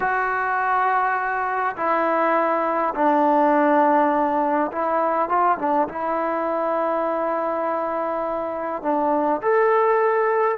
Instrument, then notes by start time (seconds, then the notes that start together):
trombone
0.00 F#4
1.76 E4
2.94 D4
4.71 E4
5.28 F4
5.58 D4
5.88 E4
8.82 D4
9.41 A4